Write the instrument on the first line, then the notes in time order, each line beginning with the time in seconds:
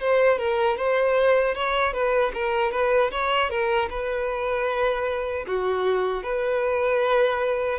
violin
0.00 C5
0.38 A#4
0.77 C5
1.54 C#5
1.93 B4
2.34 A#4
2.71 B4
3.11 C#5
3.50 A#4
3.90 B4
5.47 F#4
6.23 B4